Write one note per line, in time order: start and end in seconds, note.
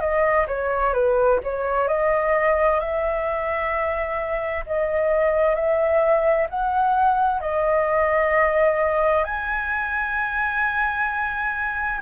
0.00 0.46 D#5
0.47 0.94 C#5
0.94 1.40 B4
1.43 1.88 C#5
1.88 2.80 D#5
2.80 4.64 E5
4.66 5.55 D#5
5.55 6.47 E5
6.50 7.41 F#5
7.41 9.24 D#5
9.24 12.01 G#5